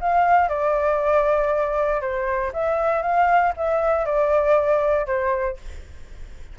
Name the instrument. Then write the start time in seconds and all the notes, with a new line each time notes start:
flute
0.00 F5
0.48 D5
2.01 C5
2.53 E5
3.02 F5
3.56 E5
4.05 D5
5.06 C5